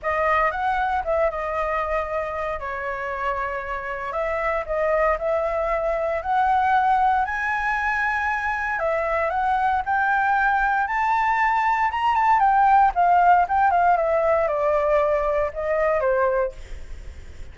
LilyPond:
\new Staff \with { instrumentName = "flute" } { \time 4/4 \tempo 4 = 116 dis''4 fis''4 e''8 dis''4.~ | dis''4 cis''2. | e''4 dis''4 e''2 | fis''2 gis''2~ |
gis''4 e''4 fis''4 g''4~ | g''4 a''2 ais''8 a''8 | g''4 f''4 g''8 f''8 e''4 | d''2 dis''4 c''4 | }